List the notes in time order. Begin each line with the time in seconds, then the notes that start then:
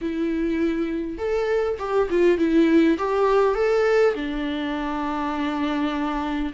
0.01 E4
1.18 A4
1.78 G4
2.10 F4
2.38 E4
2.98 G4
3.55 A4
4.14 D4